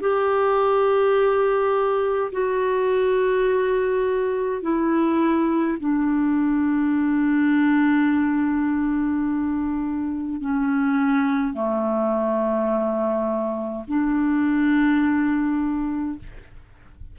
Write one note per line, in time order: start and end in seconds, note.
0.00 2.31 G4
2.32 4.62 F#4
4.62 5.77 E4
5.80 10.41 D4
10.41 11.53 C#4
11.53 13.84 A3
13.87 16.18 D4